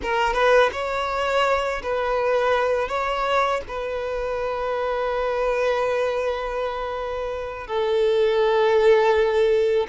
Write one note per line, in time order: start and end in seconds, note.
0.02 0.33 A#4
0.33 0.70 B4
0.72 1.82 C#5
1.83 2.88 B4
2.88 3.61 C#5
3.68 7.67 B4
7.67 9.86 A4